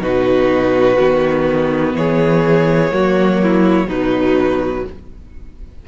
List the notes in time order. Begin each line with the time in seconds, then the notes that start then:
0.00 B2 D#4 F#4 B4
0.99 D#3 B3
1.95 E3 G#4 C#5
2.91 F#3 A#3 F#4
3.43 E4
3.87 B2 F#3 D#4 B4